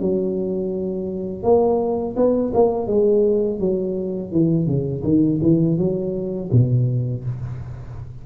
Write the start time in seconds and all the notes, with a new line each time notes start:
0.00 F#3
1.43 A#3
2.16 B3
2.54 A#3
2.87 G#3
3.59 F#3
4.32 E3
4.67 C#3
5.03 D#3
5.42 E3
5.78 F#3
6.52 B2